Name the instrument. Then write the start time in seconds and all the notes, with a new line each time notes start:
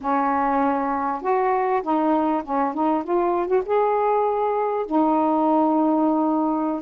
saxophone
0.00 C#4
1.21 F#4
1.82 D#4
2.43 C#4
2.74 D#4
3.03 F4
3.47 F#4
3.65 G#4
4.85 D#4